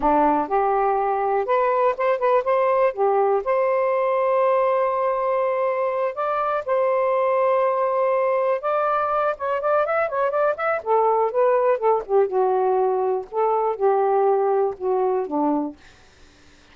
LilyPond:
\new Staff \with { instrumentName = "saxophone" } { \time 4/4 \tempo 4 = 122 d'4 g'2 b'4 | c''8 b'8 c''4 g'4 c''4~ | c''1~ | c''8 d''4 c''2~ c''8~ |
c''4. d''4. cis''8 d''8 | e''8 cis''8 d''8 e''8 a'4 b'4 | a'8 g'8 fis'2 a'4 | g'2 fis'4 d'4 | }